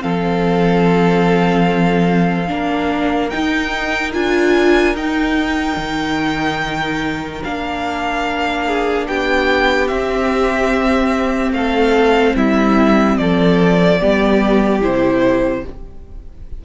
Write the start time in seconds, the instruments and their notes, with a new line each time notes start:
0.00 cello F3, viola C4, violin A4 F5
2.48 cello A#3, viola D4, violin A#4
3.29 viola D#4, cello D#4, violin G5
4.13 cello D4, viola F4, violin G#5
4.95 cello D#4, viola D#4, violin G5
5.77 cello D#3
7.43 cello A#3, viola D4, violin F5
8.66 violin G#4
9.07 cello B3, violin G4 G5
9.88 viola C4, cello C4, violin E5
11.52 cello A3, violin A4 F5
12.35 cello G3, violin E4 E5
13.17 cello F3, violin A4 D5
14.00 cello G3, viola B3, violin G4
14.81 cello C3, viola E4, violin C5